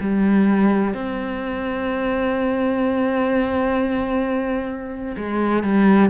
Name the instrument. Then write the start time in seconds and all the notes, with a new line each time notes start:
cello
0.00 G3
0.94 C4
5.17 G#3
5.63 G3